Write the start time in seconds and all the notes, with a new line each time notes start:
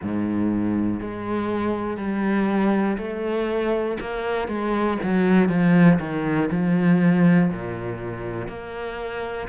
0.02 G#2
1.00 G#3
1.97 G3
2.97 A3
4.00 A#3
4.48 G#3
5.03 F#3
5.49 F3
5.99 D#3
6.51 F3
7.50 A#2
8.48 A#3